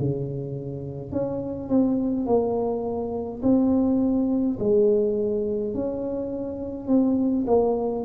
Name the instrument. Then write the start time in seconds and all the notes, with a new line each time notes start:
tuba
0.00 C#3
1.12 C#4
1.69 C4
2.27 A#3
3.43 C4
4.60 G#3
5.75 C#4
6.88 C4
7.47 A#3